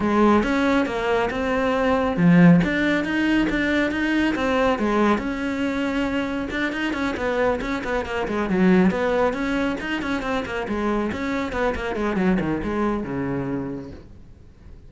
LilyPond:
\new Staff \with { instrumentName = "cello" } { \time 4/4 \tempo 4 = 138 gis4 cis'4 ais4 c'4~ | c'4 f4 d'4 dis'4 | d'4 dis'4 c'4 gis4 | cis'2. d'8 dis'8 |
cis'8 b4 cis'8 b8 ais8 gis8 fis8~ | fis8 b4 cis'4 dis'8 cis'8 c'8 | ais8 gis4 cis'4 b8 ais8 gis8 | fis8 dis8 gis4 cis2 | }